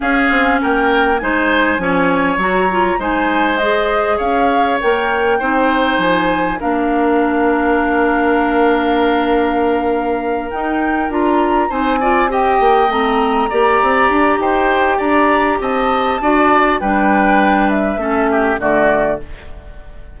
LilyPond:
<<
  \new Staff \with { instrumentName = "flute" } { \time 4/4 \tempo 4 = 100 f''4 g''4 gis''2 | ais''4 gis''4 dis''4 f''4 | g''2 gis''4 f''4~ | f''1~ |
f''4. g''4 ais''4 gis''8~ | gis''8 g''4 ais''2~ ais''8 | g''4 ais''4 a''2 | g''4. e''4. d''4 | }
  \new Staff \with { instrumentName = "oboe" } { \time 4/4 gis'4 ais'4 c''4 cis''4~ | cis''4 c''2 cis''4~ | cis''4 c''2 ais'4~ | ais'1~ |
ais'2.~ ais'8 c''8 | d''8 dis''2 d''4. | c''4 d''4 dis''4 d''4 | b'2 a'8 g'8 fis'4 | }
  \new Staff \with { instrumentName = "clarinet" } { \time 4/4 cis'2 dis'4 cis'4 | fis'8 f'8 dis'4 gis'2 | ais'4 dis'2 d'4~ | d'1~ |
d'4. dis'4 f'4 dis'8 | f'8 g'4 c'4 g'4.~ | g'2. fis'4 | d'2 cis'4 a4 | }
  \new Staff \with { instrumentName = "bassoon" } { \time 4/4 cis'8 c'8 ais4 gis4 f4 | fis4 gis2 cis'4 | ais4 c'4 f4 ais4~ | ais1~ |
ais4. dis'4 d'4 c'8~ | c'4 ais8 a4 ais8 c'8 d'8 | dis'4 d'4 c'4 d'4 | g2 a4 d4 | }
>>